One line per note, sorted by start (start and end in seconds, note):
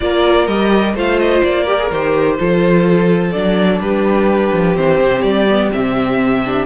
0.00 0.47 A#3
0.00 0.48 F4
0.00 0.94 A#4
0.00 0.47 D5
0.47 0.94 G3
0.47 0.95 G4
0.47 0.94 D#5
0.94 1.42 A3
0.94 1.66 F4
0.94 1.63 C5
0.94 1.19 F5
1.19 1.42 D#5
1.43 1.91 A#3
1.43 1.91 D5
1.63 1.78 G4
1.63 2.35 A#4
1.79 1.90 G#4
1.91 2.38 D#3
1.91 2.38 G4
1.91 3.31 C5
2.38 3.35 F3
2.38 3.33 F4
2.38 3.81 A4
3.31 3.79 F#3
3.31 4.75 D4
3.31 3.78 D5
3.79 4.51 G3
3.79 6.66 G4
3.79 4.76 B4
4.52 4.76 F3
4.75 5.00 E3
4.75 5.46 C4
4.75 5.22 C5
5.00 5.23 C3
5.22 5.70 G3
5.22 5.69 D5
5.49 5.71 B3
5.71 6.66 C3
5.71 6.43 C4
5.71 6.66 E5
6.45 6.66 D4